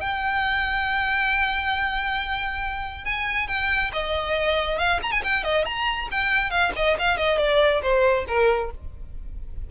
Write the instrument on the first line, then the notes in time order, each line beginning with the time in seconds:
violin
0.00 G5
3.04 G#5
3.47 G5
3.92 D#5
4.78 F5
5.02 A#5
5.11 G#5
5.23 G5
5.43 D#5
5.65 A#5
6.11 G5
6.50 F5
6.75 D#5
6.98 F5
7.17 D#5
7.38 D5
7.81 C5
8.27 A#4